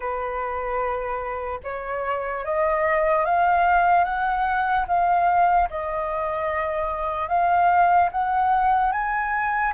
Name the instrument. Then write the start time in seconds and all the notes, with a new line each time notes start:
flute
0.00 B4
1.63 C#5
2.44 D#5
3.25 F5
4.04 F#5
4.87 F5
5.69 D#5
7.28 F5
8.11 F#5
8.92 G#5